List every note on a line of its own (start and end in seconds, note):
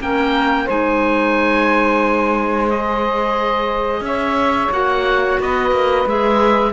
0.00 0.67 A#3
0.00 0.68 C#4
0.00 0.65 A#4
0.00 0.70 G5
0.65 4.01 G#3
0.65 2.70 D#4
0.65 4.02 C5
0.65 2.70 G#5
2.70 4.72 G#4
2.70 4.05 D#5
4.01 4.68 C#4
4.01 5.41 C#5
4.01 4.72 E5
4.72 5.39 A#3
4.72 6.07 F#4
4.72 5.40 F#5
5.40 5.72 B3
5.40 6.73 B4
5.40 6.09 D#5
5.72 6.05 A#3
6.06 6.73 G#3
6.06 6.73 G#4
6.06 6.73 E5